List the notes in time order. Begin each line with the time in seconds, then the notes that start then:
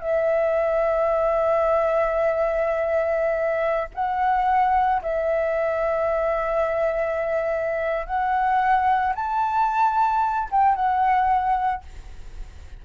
0.00 E5
3.94 F#5
5.02 E5
8.06 F#5
9.15 A5
10.51 G5
10.75 F#5